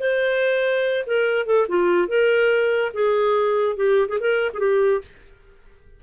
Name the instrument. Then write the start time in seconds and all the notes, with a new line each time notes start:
clarinet
0.00 C5
1.07 A#4
1.46 A4
1.69 F4
2.08 A#4
2.94 G#4
3.76 G4
4.09 G#4
4.20 A#4
4.54 G4 G#4